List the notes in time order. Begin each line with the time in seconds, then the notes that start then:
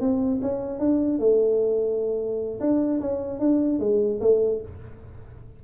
0.00 C4
0.42 C#4
0.79 D4
1.19 A3
2.60 D4
3.00 C#4
3.39 D4
3.79 G#3
4.20 A3